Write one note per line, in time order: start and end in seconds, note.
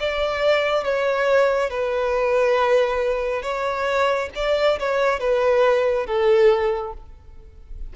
0.00 0.85 D5
0.85 1.70 C#5
1.70 3.43 B4
3.43 4.30 C#5
4.36 4.79 D5
4.79 5.20 C#5
5.20 6.06 B4
6.06 6.93 A4